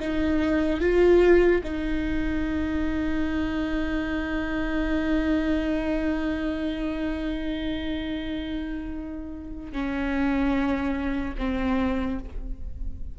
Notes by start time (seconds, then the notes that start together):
0.00 D#4
0.81 F4
1.64 D#4
9.73 C#4
11.38 C4